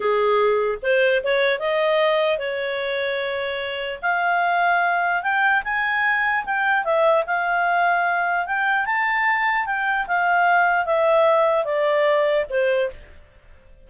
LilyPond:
\new Staff \with { instrumentName = "clarinet" } { \time 4/4 \tempo 4 = 149 gis'2 c''4 cis''4 | dis''2 cis''2~ | cis''2 f''2~ | f''4 g''4 gis''2 |
g''4 e''4 f''2~ | f''4 g''4 a''2 | g''4 f''2 e''4~ | e''4 d''2 c''4 | }